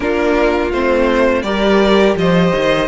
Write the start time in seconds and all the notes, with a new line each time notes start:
0.00 A#3 D4 F4 A#4
0.72 A3 C4 C5
1.42 G3 G4 A#4 D5
2.16 F3 C5 D#5
2.55 D#3